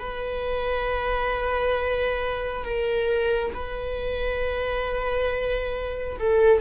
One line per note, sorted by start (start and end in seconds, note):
0.00 2.65 B4
2.65 3.53 A#4
3.54 6.19 B4
6.19 6.61 A4